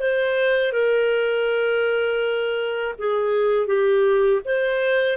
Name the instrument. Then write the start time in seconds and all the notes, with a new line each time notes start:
clarinet
0.00 C5
0.73 A#4
2.99 G#4
3.67 G4
4.45 C5